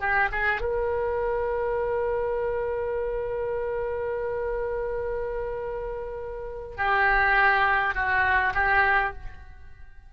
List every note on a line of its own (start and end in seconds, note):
0.00 0.29 G4
0.32 0.61 G#4
0.61 6.77 A#4
6.77 7.95 G4
7.95 8.54 F#4
8.54 9.13 G4